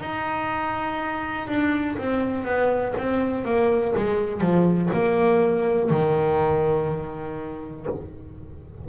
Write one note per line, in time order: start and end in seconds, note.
0.00 1.48 D#4
1.48 1.97 D4
1.98 2.45 C4
2.45 2.94 B3
2.98 3.45 C4
3.45 3.94 A#3
3.97 4.40 G#3
4.40 4.90 F3
4.93 5.90 A#3
5.90 7.87 D#3